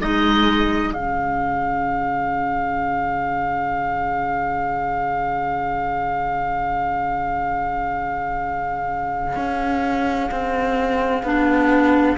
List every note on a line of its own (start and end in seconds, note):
0.00 0.93 G#3
0.00 0.95 D#4
0.00 12.18 G#4
0.00 0.94 D#5
0.93 9.37 C#3
0.93 11.26 C#4
0.93 12.18 F5
9.37 10.30 C#4
10.31 11.23 C4
11.23 12.17 B3
11.23 12.18 D4